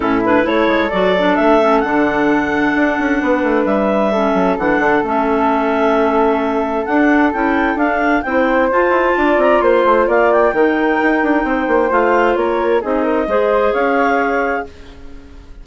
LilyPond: <<
  \new Staff \with { instrumentName = "clarinet" } { \time 4/4 \tempo 4 = 131 a'8 b'8 cis''4 d''4 e''4 | fis''1 | e''2 fis''4 e''4~ | e''2. fis''4 |
g''4 f''4 g''4 a''4~ | a''8 ais''8 c'''4 f''8 g''4.~ | g''2 f''4 cis''4 | dis''2 f''2 | }
  \new Staff \with { instrumentName = "flute" } { \time 4/4 e'4 a'2.~ | a'2. b'4~ | b'4 a'2.~ | a'1~ |
a'2 c''2 | d''4 c''4 d''4 ais'4~ | ais'4 c''2 ais'4 | gis'8 ais'8 c''4 cis''2 | }
  \new Staff \with { instrumentName = "clarinet" } { \time 4/4 cis'8 d'8 e'4 fis'8 d'4 cis'8 | d'1~ | d'4 cis'4 d'4 cis'4~ | cis'2. d'4 |
e'4 d'4 e'4 f'4~ | f'2. dis'4~ | dis'2 f'2 | dis'4 gis'2. | }
  \new Staff \with { instrumentName = "bassoon" } { \time 4/4 a,4 a8 gis8 fis4 a4 | d2 d'8 cis'8 b8 a8 | g4. fis8 e8 d8 a4~ | a2. d'4 |
cis'4 d'4 c'4 f'8 e'8 | d'8 c'8 ais8 a8 ais4 dis4 | dis'8 d'8 c'8 ais8 a4 ais4 | c'4 gis4 cis'2 | }
>>